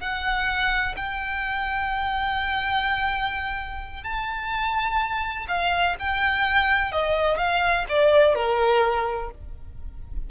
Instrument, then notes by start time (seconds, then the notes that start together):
violin
0.00 F#5
0.96 G5
4.03 A5
5.48 F5
5.99 G5
6.92 D#5
7.37 F5
7.89 D5
8.35 A#4